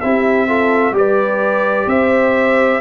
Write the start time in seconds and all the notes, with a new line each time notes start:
0.00 C4 E4 G4 E5
0.47 F4 A4
0.91 G3 G4 B4
0.97 D5
1.86 C4 C5 E5